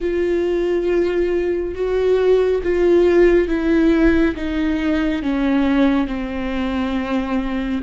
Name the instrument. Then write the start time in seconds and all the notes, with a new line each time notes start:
viola
0.00 F4
1.74 F#4
2.63 F4
3.48 E4
4.35 D#4
5.22 C#4
6.07 C4